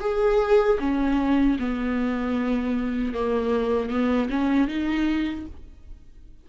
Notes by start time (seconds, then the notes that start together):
0.00 G#4
0.79 C#4
1.59 B3
3.13 A#3
3.89 B3
4.30 C#4
4.67 D#4